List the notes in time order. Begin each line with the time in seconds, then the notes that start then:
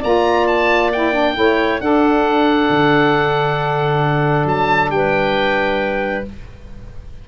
0.00 A#3 F4 D5 A#5
0.47 A5
0.92 E4 G5
1.13 D4
1.35 A3 E4 C#5
1.80 D4 A4 F#5
2.70 D3
4.45 F#3 A5
4.90 G3 B4 G5